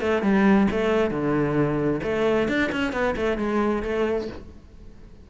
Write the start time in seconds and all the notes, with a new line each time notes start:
0.00 A3
0.22 G3
0.71 A3
1.10 D3
2.03 A3
2.48 D4
2.71 C#4
2.92 B3
3.16 A3
3.37 G#3
3.82 A3